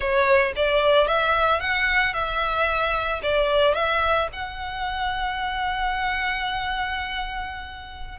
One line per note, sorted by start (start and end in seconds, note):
0.00 0.53 C#5
0.56 1.07 D5
1.07 1.60 E5
1.60 2.13 F#5
2.13 3.20 E5
3.23 3.74 D5
3.74 4.28 E5
4.32 8.18 F#5